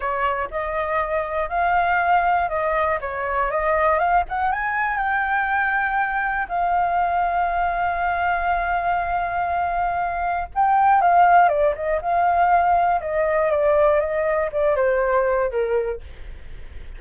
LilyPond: \new Staff \with { instrumentName = "flute" } { \time 4/4 \tempo 4 = 120 cis''4 dis''2 f''4~ | f''4 dis''4 cis''4 dis''4 | f''8 fis''8 gis''4 g''2~ | g''4 f''2.~ |
f''1~ | f''4 g''4 f''4 d''8 dis''8 | f''2 dis''4 d''4 | dis''4 d''8 c''4. ais'4 | }